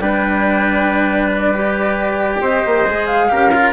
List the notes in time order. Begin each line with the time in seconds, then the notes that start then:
0.00 G3 D4 B4 G5
1.33 D5
1.54 G4
2.41 C4 C5 D#5
2.66 A#3
2.87 G#3 G#4
3.07 F5
3.29 C#4 G4 A#4
3.54 F4